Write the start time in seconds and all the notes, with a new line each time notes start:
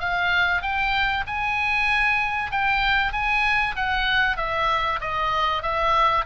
0.00 F5
0.62 G5
1.27 G#5
2.51 G5
3.13 G#5
3.76 F#5
4.38 E5
5.01 D#5
5.63 E5